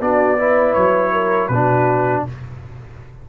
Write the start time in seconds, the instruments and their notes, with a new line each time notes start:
0.00 tuba B3, trombone D4, horn F#4, trumpet D5
0.38 trombone E4, horn B4
0.73 tuba F#3, trumpet C#5
1.12 horn A#4
1.47 tuba B2, horn F#4, trumpet B4
1.54 trombone D4